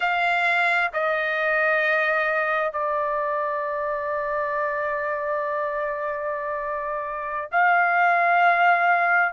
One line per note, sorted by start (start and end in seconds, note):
0.00 0.91 F5
0.93 2.72 D#5
2.72 7.49 D5
7.51 9.33 F5